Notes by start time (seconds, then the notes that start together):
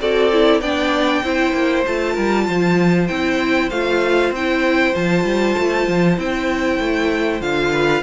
0.00 C4 F#4 A4 D5
0.31 E4
0.60 B3 D4 D5 G5
1.23 C4 E4 C5
1.53 A#3
1.85 A3 F4 A5
2.13 G3 A#4
2.47 F3 C5
3.07 C4 E4 G5
3.69 A3 F4 F5
4.30 C4 E4 G5
4.94 F3 F4 A5
5.24 G3
5.58 A3
5.87 F3
6.17 C4 E4 G5
6.79 A3
7.41 D3 F4 F5
7.72 B4